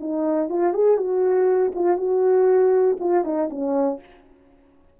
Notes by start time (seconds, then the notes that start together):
0.00 D#4
0.49 F4
0.73 G#4
0.97 F#4
1.75 F4
1.97 F#4
3.00 F4
3.24 D#4
3.50 C#4